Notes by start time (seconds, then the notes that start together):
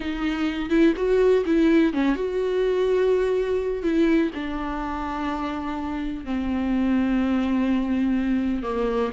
0.00 D#4
0.69 E4
0.96 F#4
1.45 E4
1.93 C#4
2.15 F#4
3.83 E4
4.34 D4
6.24 C4
8.62 A#3